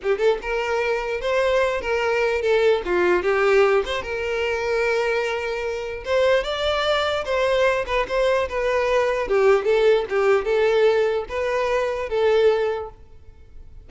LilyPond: \new Staff \with { instrumentName = "violin" } { \time 4/4 \tempo 4 = 149 g'8 a'8 ais'2 c''4~ | c''8 ais'4. a'4 f'4 | g'4. c''8 ais'2~ | ais'2. c''4 |
d''2 c''4. b'8 | c''4 b'2 g'4 | a'4 g'4 a'2 | b'2 a'2 | }